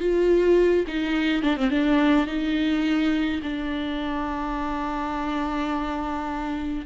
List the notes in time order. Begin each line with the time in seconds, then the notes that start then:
0.00 F4
0.88 D#4
1.43 D4
1.57 C4
1.70 D4
2.27 D#4
3.43 D4